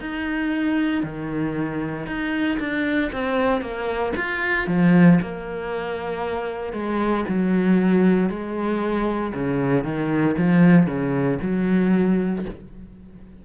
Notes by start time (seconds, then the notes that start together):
0.00 D#4
1.03 D#3
2.06 D#4
2.59 D4
3.12 C4
3.61 A#3
4.16 F4
4.67 F3
5.21 A#3
6.72 G#3
7.28 F#3
8.29 G#3
9.33 C#3
9.84 D#3
10.37 F3
10.86 C#3
11.41 F#3